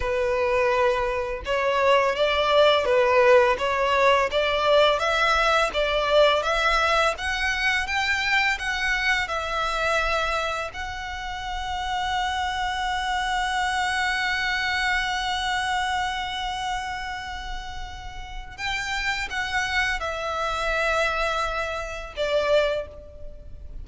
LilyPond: \new Staff \with { instrumentName = "violin" } { \time 4/4 \tempo 4 = 84 b'2 cis''4 d''4 | b'4 cis''4 d''4 e''4 | d''4 e''4 fis''4 g''4 | fis''4 e''2 fis''4~ |
fis''1~ | fis''1~ | fis''2 g''4 fis''4 | e''2. d''4 | }